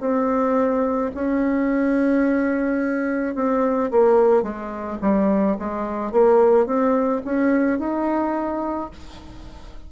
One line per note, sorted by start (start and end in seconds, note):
0.00 1.11 C4
1.14 3.35 C#4
3.35 3.90 C4
3.91 4.42 A#3
4.42 4.98 G#3
5.01 5.57 G3
5.59 6.12 G#3
6.12 6.66 A#3
6.66 7.22 C4
7.25 7.79 C#4
7.79 8.90 D#4